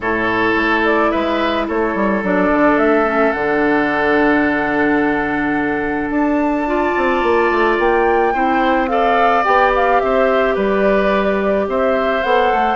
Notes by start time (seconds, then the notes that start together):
0.00 A2 E4 A4 C#5
0.56 A3
0.84 D5
1.11 G#3 B4 E5
1.67 A3 A4 C#5
1.94 G3
2.22 F#3 D4 D5
2.52 D3
2.77 A3 E5
3.05 C#4
3.32 D3 D4 F#5
6.09 D4 A5
6.67 F4 D5
6.96 C4
7.22 A#3
7.51 A3
7.78 A#3 G5
8.33 C4 E4 C5
8.87 A4 D5 F5
9.44 B3 G4 G5
9.75 F5
10.00 C4 C5 E5
10.54 G3 B4 D5
11.67 C4 C5 E5
12.23 B3 A4 F#5
12.52 A3